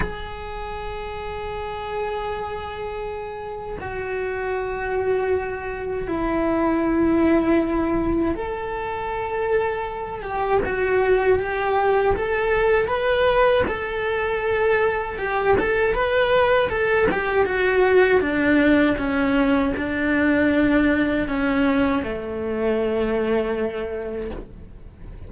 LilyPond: \new Staff \with { instrumentName = "cello" } { \time 4/4 \tempo 4 = 79 gis'1~ | gis'4 fis'2. | e'2. a'4~ | a'4. g'8 fis'4 g'4 |
a'4 b'4 a'2 | g'8 a'8 b'4 a'8 g'8 fis'4 | d'4 cis'4 d'2 | cis'4 a2. | }